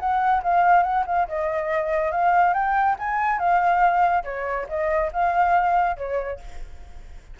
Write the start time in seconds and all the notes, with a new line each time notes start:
0.00 F#5
0.43 F5
0.83 F#5
1.07 F5
1.28 D#5
2.12 F5
2.54 G5
2.99 G#5
3.39 F5
4.25 C#5
4.69 D#5
5.13 F5
5.97 C#5